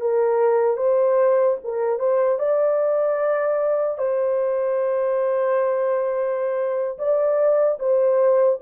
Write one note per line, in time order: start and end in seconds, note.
0.00 0.76 A#4
0.76 1.56 C5
1.64 1.99 A#4
1.99 2.38 C5
2.38 3.98 D5
3.98 6.98 C5
6.98 7.78 D5
7.79 8.59 C5